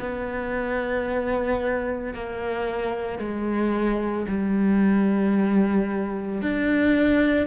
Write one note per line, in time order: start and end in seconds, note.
0.00 2.14 B3
2.14 3.19 A#3
3.19 4.26 G#3
4.28 6.42 G3
6.42 7.47 D4